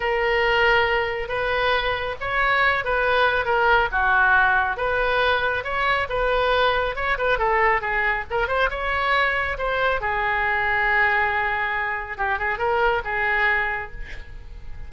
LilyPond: \new Staff \with { instrumentName = "oboe" } { \time 4/4 \tempo 4 = 138 ais'2. b'4~ | b'4 cis''4. b'4. | ais'4 fis'2 b'4~ | b'4 cis''4 b'2 |
cis''8 b'8 a'4 gis'4 ais'8 c''8 | cis''2 c''4 gis'4~ | gis'1 | g'8 gis'8 ais'4 gis'2 | }